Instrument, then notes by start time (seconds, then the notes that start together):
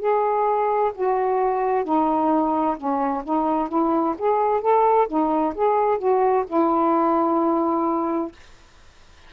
saxophone
0.00 G#4
0.95 F#4
1.85 D#4
2.77 C#4
3.24 D#4
3.69 E4
4.18 G#4
4.62 A4
5.08 D#4
5.56 G#4
5.99 F#4
6.47 E4